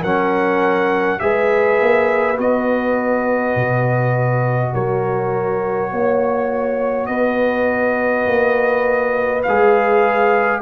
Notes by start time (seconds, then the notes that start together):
0.00 F#3 C#4 A#4 F#5
1.19 G#3 G#4 B4 E5
1.80 A#3
2.36 B3 F#4 D#5
3.55 B2
4.73 F#3 A#4 C#5
5.91 A#3 C#5
7.06 B3 B4 D#5
8.26 A#3
9.43 G#3 G#4 F5